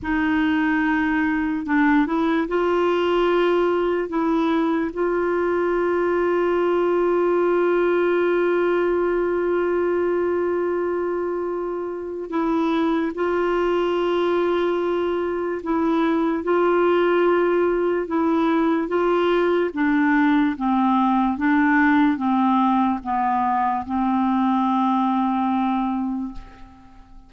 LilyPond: \new Staff \with { instrumentName = "clarinet" } { \time 4/4 \tempo 4 = 73 dis'2 d'8 e'8 f'4~ | f'4 e'4 f'2~ | f'1~ | f'2. e'4 |
f'2. e'4 | f'2 e'4 f'4 | d'4 c'4 d'4 c'4 | b4 c'2. | }